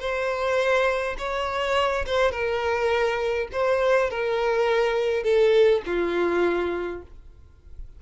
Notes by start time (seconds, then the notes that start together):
0.00 C5
1.19 C#5
2.07 C5
2.32 A#4
3.52 C5
4.11 A#4
5.24 A4
5.86 F4